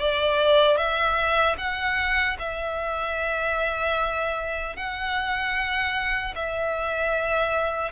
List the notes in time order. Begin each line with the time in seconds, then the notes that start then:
0.00 D5
0.77 E5
1.58 F#5
2.39 E5
4.77 F#5
6.36 E5